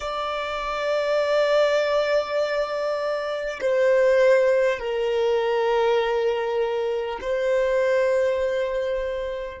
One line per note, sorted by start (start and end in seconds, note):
0.00 3.59 D5
3.61 4.79 C5
4.79 7.19 A#4
7.21 9.60 C5